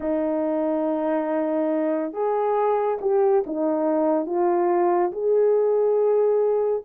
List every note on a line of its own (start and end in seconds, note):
0.00 2.12 D#4
2.12 2.98 G#4
3.01 3.44 G4
3.46 4.25 D#4
4.25 5.11 F4
5.12 6.83 G#4